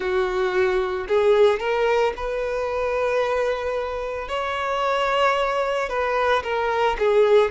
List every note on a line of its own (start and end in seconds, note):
0.00 1.07 F#4
1.08 1.59 G#4
1.59 2.13 A#4
2.16 4.28 B4
4.28 5.89 C#5
5.89 6.42 B4
6.43 6.96 A#4
6.98 7.50 G#4